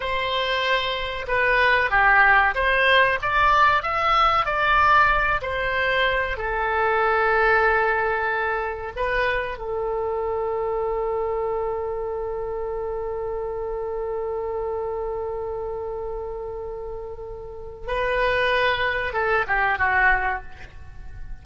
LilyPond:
\new Staff \with { instrumentName = "oboe" } { \time 4/4 \tempo 4 = 94 c''2 b'4 g'4 | c''4 d''4 e''4 d''4~ | d''8 c''4. a'2~ | a'2 b'4 a'4~ |
a'1~ | a'1~ | a'1 | b'2 a'8 g'8 fis'4 | }